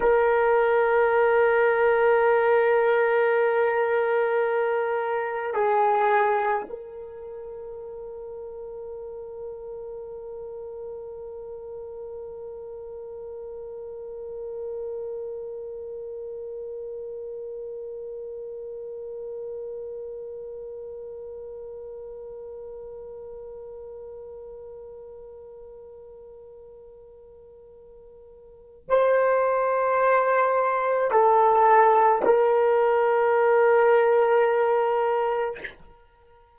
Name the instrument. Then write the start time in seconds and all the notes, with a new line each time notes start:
horn
0.00 A#4
5.54 G#4
6.69 A#4
28.88 C5
31.11 A4
32.25 A#4